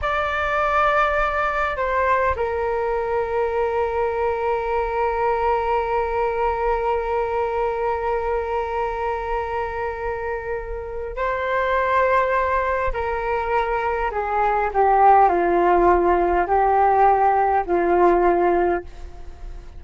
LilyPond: \new Staff \with { instrumentName = "flute" } { \time 4/4 \tempo 4 = 102 d''2. c''4 | ais'1~ | ais'1~ | ais'1~ |
ais'2. c''4~ | c''2 ais'2 | gis'4 g'4 f'2 | g'2 f'2 | }